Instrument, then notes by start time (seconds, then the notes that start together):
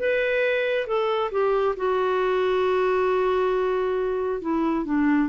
clarinet
0.00 B4
0.87 A4
1.32 G4
1.77 F#4
4.42 E4
4.86 D4